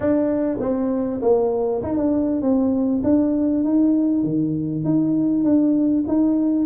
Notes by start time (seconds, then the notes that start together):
0.00 D4
0.60 C4
1.21 A#3
1.82 D#4
1.96 D4
2.41 C4
3.03 D4
3.64 D#4
4.23 D#3
4.84 D#4
5.44 D4
6.07 D#4